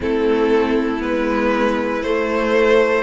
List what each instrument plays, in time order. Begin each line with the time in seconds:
0.00 cello A3, viola C4, violin E4 A4
0.99 cello G#3, viola B3, violin B4
2.03 cello A3, viola A3, violin C5